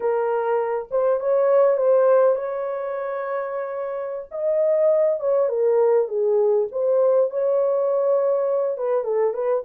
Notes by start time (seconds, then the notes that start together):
0.00 A#4
0.90 C5
1.19 C#5
1.77 C5
2.35 C#5
4.31 D#5
5.20 C#5
5.48 A#4
6.08 G#4
6.71 C5
7.30 C#5
8.77 B4
9.04 A4
9.33 B4